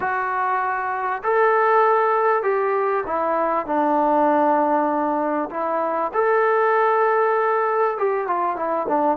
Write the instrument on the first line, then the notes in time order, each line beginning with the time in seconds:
trombone
0.00 F#4
1.23 A4
2.42 G4
3.06 E4
3.66 D4
5.50 E4
6.13 A4
7.97 G4
8.27 F4
8.55 E4
8.88 D4